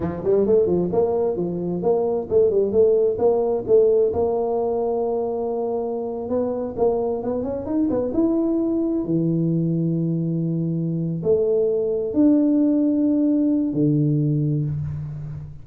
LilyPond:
\new Staff \with { instrumentName = "tuba" } { \time 4/4 \tempo 4 = 131 f8 g8 a8 f8 ais4 f4 | ais4 a8 g8 a4 ais4 | a4 ais2.~ | ais4.~ ais16 b4 ais4 b16~ |
b16 cis'8 dis'8 b8 e'2 e16~ | e1~ | e8 a2 d'4.~ | d'2 d2 | }